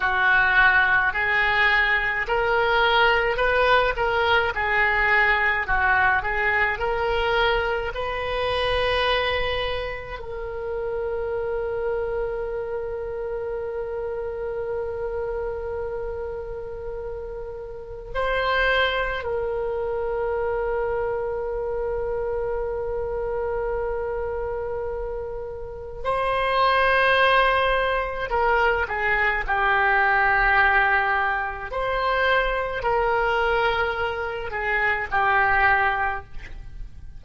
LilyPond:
\new Staff \with { instrumentName = "oboe" } { \time 4/4 \tempo 4 = 53 fis'4 gis'4 ais'4 b'8 ais'8 | gis'4 fis'8 gis'8 ais'4 b'4~ | b'4 ais'2.~ | ais'1 |
c''4 ais'2.~ | ais'2. c''4~ | c''4 ais'8 gis'8 g'2 | c''4 ais'4. gis'8 g'4 | }